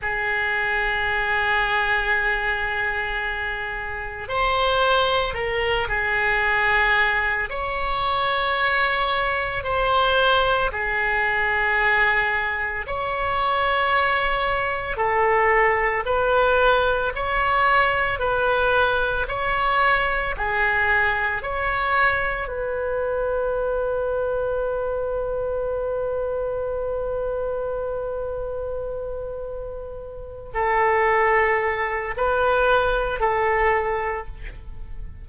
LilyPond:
\new Staff \with { instrumentName = "oboe" } { \time 4/4 \tempo 4 = 56 gis'1 | c''4 ais'8 gis'4. cis''4~ | cis''4 c''4 gis'2 | cis''2 a'4 b'4 |
cis''4 b'4 cis''4 gis'4 | cis''4 b'2.~ | b'1~ | b'8 a'4. b'4 a'4 | }